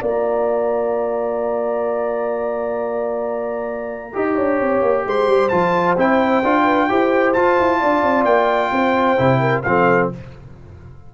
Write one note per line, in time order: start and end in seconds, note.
0.00 4.14 A#3
0.00 4.13 F4
0.00 4.12 D5
0.00 5.08 A#5
4.13 4.38 D#4
4.13 5.50 G4
4.13 4.35 D#5
4.35 4.60 D4
4.35 5.04 C#5
4.60 4.81 C4
4.81 5.04 A#3
5.05 5.28 G#3
5.05 6.63 C5
5.05 5.48 C6
5.28 5.51 G3
5.48 5.97 F3
5.48 5.96 F4
5.48 5.94 A5
5.97 6.43 C4
5.97 6.43 E4
5.97 7.33 G5
6.43 6.89 D4
6.43 6.89 F4
6.63 6.86 B4
6.89 7.35 E4
6.89 7.35 G4
6.89 7.79 C5
7.33 9.17 F4
7.33 7.59 F4
7.33 8.24 A5
7.59 7.82 E4
7.79 8.02 D4
7.79 8.71 D5
8.02 8.24 C4
8.24 8.70 A#3
8.24 9.61 G5
8.71 9.17 C4
8.71 9.40 C5
9.17 9.65 C3
9.17 9.63 E4
9.40 9.62 A#4
9.62 10.11 F3
9.62 10.12 C4
9.62 10.13 A4
9.62 10.08 F5